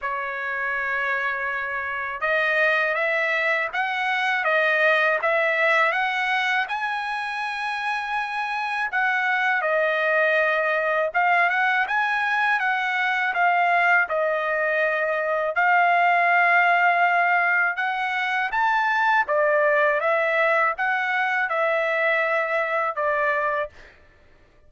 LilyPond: \new Staff \with { instrumentName = "trumpet" } { \time 4/4 \tempo 4 = 81 cis''2. dis''4 | e''4 fis''4 dis''4 e''4 | fis''4 gis''2. | fis''4 dis''2 f''8 fis''8 |
gis''4 fis''4 f''4 dis''4~ | dis''4 f''2. | fis''4 a''4 d''4 e''4 | fis''4 e''2 d''4 | }